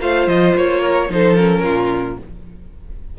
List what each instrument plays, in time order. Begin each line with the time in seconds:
0.00 cello A3, viola F4, violin C5 F5
0.28 cello F3, violin D#5
0.56 cello A#3, violin C#5
0.81 violin A#4
1.10 cello F3, viola D#4, violin A4 C5
1.36 viola C#4, violin A#4
1.64 cello A#2, violin F4